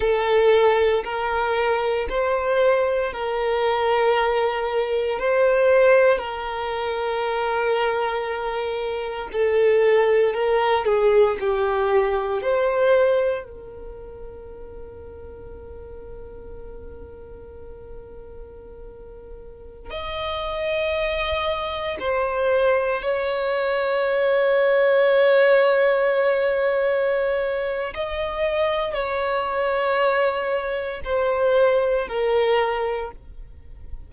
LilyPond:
\new Staff \with { instrumentName = "violin" } { \time 4/4 \tempo 4 = 58 a'4 ais'4 c''4 ais'4~ | ais'4 c''4 ais'2~ | ais'4 a'4 ais'8 gis'8 g'4 | c''4 ais'2.~ |
ais'2.~ ais'16 dis''8.~ | dis''4~ dis''16 c''4 cis''4.~ cis''16~ | cis''2. dis''4 | cis''2 c''4 ais'4 | }